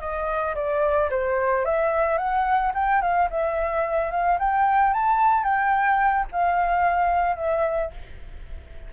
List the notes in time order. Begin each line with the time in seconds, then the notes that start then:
0.00 D#5
0.55 D5
1.10 C5
1.65 E5
2.18 F#5
2.74 G5
3.01 F5
3.30 E5
4.11 F5
4.39 G5
4.93 A5
5.44 G5
6.32 F5
7.36 E5